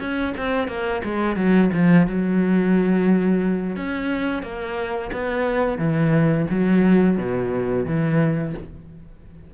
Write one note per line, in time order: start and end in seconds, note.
0.00 0.34 C#4
0.38 0.68 C4
0.68 1.02 A#3
1.04 1.36 G#3
1.36 1.70 F#3
1.74 2.07 F3
2.07 3.77 F#3
3.77 4.43 C#4
4.43 5.11 A#3
5.13 5.79 B3
5.79 6.47 E3
6.51 7.18 F#3
7.18 7.86 B2
7.86 8.54 E3